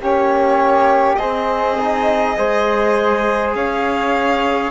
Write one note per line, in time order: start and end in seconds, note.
0.00 1.18 A#3
0.00 1.18 C#4
0.00 1.19 G4
0.00 1.15 C#5
1.15 1.77 C4
1.15 2.36 C4
1.15 2.37 G#4
1.15 3.51 D#5
1.78 2.37 D#4
2.37 3.54 G#3
2.37 4.71 G#4
2.37 3.55 C5
3.54 4.71 C#4
3.54 4.71 C#5
3.54 4.71 F5